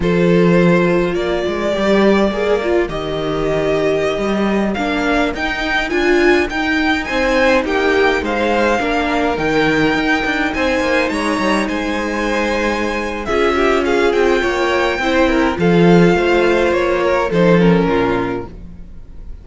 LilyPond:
<<
  \new Staff \with { instrumentName = "violin" } { \time 4/4 \tempo 4 = 104 c''2 d''2~ | d''4 dis''2.~ | dis''16 f''4 g''4 gis''4 g''8.~ | g''16 gis''4 g''4 f''4.~ f''16~ |
f''16 g''2 gis''4 ais''8.~ | ais''16 gis''2~ gis''8. e''4 | f''8 g''2~ g''8 f''4~ | f''4 cis''4 c''8 ais'4. | }
  \new Staff \with { instrumentName = "violin" } { \time 4/4 a'2 ais'2~ | ais'1~ | ais'1~ | ais'16 c''4 g'4 c''4 ais'8.~ |
ais'2~ ais'16 c''4 cis''8.~ | cis''16 c''2~ c''8. gis'8 g'8 | gis'4 cis''4 c''8 ais'8 a'4 | c''4. ais'8 a'4 f'4 | }
  \new Staff \with { instrumentName = "viola" } { \time 4/4 f'2. g'4 | gis'8 f'8 g'2.~ | g'16 d'4 dis'4 f'4 dis'8.~ | dis'2.~ dis'16 d'8.~ |
d'16 dis'2.~ dis'8.~ | dis'2. f'4~ | f'2 e'4 f'4~ | f'2 dis'8 cis'4. | }
  \new Staff \with { instrumentName = "cello" } { \time 4/4 f2 ais8 gis8 g4 | ais4 dis2~ dis16 g8.~ | g16 ais4 dis'4 d'4 dis'8.~ | dis'16 c'4 ais4 gis4 ais8.~ |
ais16 dis4 dis'8 d'8 c'8 ais8 gis8 g16~ | g16 gis2~ gis8. cis'4~ | cis'8 c'8 ais4 c'4 f4 | a4 ais4 f4 ais,4 | }
>>